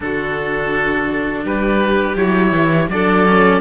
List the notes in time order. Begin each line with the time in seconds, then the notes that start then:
0.00 D3 D4 F#4 A4
1.44 G3 G4 B4
2.15 F#3 E4 C#5
2.51 E3
2.88 F#3 D4 A4 D5
3.25 C#4